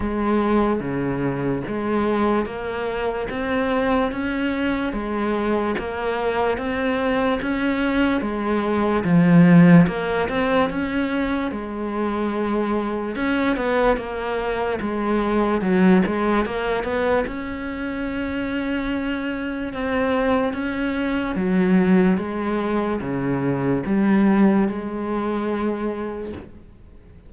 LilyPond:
\new Staff \with { instrumentName = "cello" } { \time 4/4 \tempo 4 = 73 gis4 cis4 gis4 ais4 | c'4 cis'4 gis4 ais4 | c'4 cis'4 gis4 f4 | ais8 c'8 cis'4 gis2 |
cis'8 b8 ais4 gis4 fis8 gis8 | ais8 b8 cis'2. | c'4 cis'4 fis4 gis4 | cis4 g4 gis2 | }